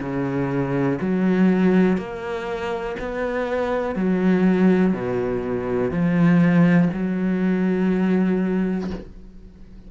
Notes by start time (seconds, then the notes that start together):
0.00 C#3
1.01 F#3
1.97 A#3
2.99 B3
3.95 F#3
4.93 B2
5.91 F3
6.93 F#3